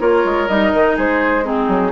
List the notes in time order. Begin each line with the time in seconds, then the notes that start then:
0.00 A#3 F4 A#4 C#5
0.25 G#3
0.48 G3 D#4 D#5
0.74 D#3
0.96 G#3 G#4 C5
1.44 C4 D#4 G#4
1.68 F#3